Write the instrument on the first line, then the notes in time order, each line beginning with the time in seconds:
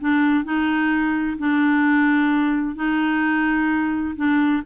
clarinet
0.00 D4
0.44 D#4
1.38 D4
2.75 D#4
4.16 D4